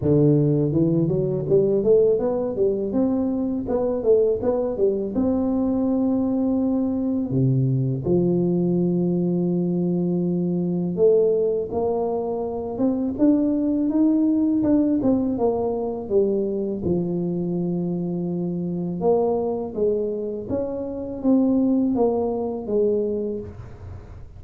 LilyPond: \new Staff \with { instrumentName = "tuba" } { \time 4/4 \tempo 4 = 82 d4 e8 fis8 g8 a8 b8 g8 | c'4 b8 a8 b8 g8 c'4~ | c'2 c4 f4~ | f2. a4 |
ais4. c'8 d'4 dis'4 | d'8 c'8 ais4 g4 f4~ | f2 ais4 gis4 | cis'4 c'4 ais4 gis4 | }